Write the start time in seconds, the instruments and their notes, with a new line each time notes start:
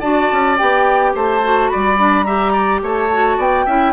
0.00 bassoon D4, clarinet F#4, oboe D5, flute A5
0.32 bassoon C#4
0.58 bassoon B3, clarinet G4, flute G5
1.15 bassoon A3, oboe C5, flute A5
1.43 clarinet F#4
1.69 bassoon G3, oboe D5, flute B5
1.98 clarinet D4
2.24 clarinet G4, oboe E5, flute A#5
2.53 oboe D5
2.83 bassoon A3, oboe C#5, flute A5
3.13 clarinet F#4
3.37 bassoon B3, oboe D5, flute G5
3.66 bassoon C#4, clarinet E4, oboe E5